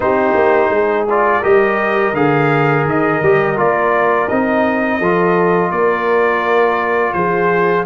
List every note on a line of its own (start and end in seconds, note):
0.00 0.34 C4
0.00 1.07 D#4
0.00 0.73 G4
0.00 1.07 C5
0.34 0.69 A#3
0.69 1.41 G#3
0.69 1.40 G#4
1.09 1.42 F4
1.09 1.43 D5
1.40 2.13 G3
1.40 2.14 G4
1.40 4.97 A#4
1.40 2.14 D#5
2.13 2.84 D3
2.13 3.22 G#4
2.13 2.86 F5
2.84 3.20 D#3
2.84 3.58 D#5
3.22 3.57 G3
3.22 3.56 G4
3.56 4.28 A#3
3.56 4.28 F4
3.56 4.28 D5
4.28 5.00 C4
4.28 5.01 D#4
4.28 5.71 D#5
4.99 5.71 F3
4.99 7.85 F4
4.99 5.70 A4
5.71 7.14 A#3
5.71 7.14 A#4
5.71 7.12 D5
7.12 7.85 F3
7.12 7.85 G#4
7.12 7.84 C5